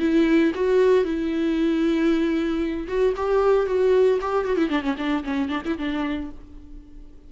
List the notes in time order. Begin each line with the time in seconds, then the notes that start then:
0.00 E4
0.55 F#4
1.05 E4
2.88 F#4
3.17 G4
3.67 F#4
4.21 G4
4.46 F#4
4.57 E4
4.70 D4
4.83 C#4
4.98 D4
5.24 C#4
5.49 D4
5.66 E4
5.78 D4